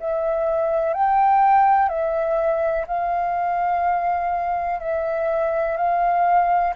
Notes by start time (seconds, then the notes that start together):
0.00 E5
0.94 G5
1.89 E5
2.87 F5
4.80 E5
5.77 F5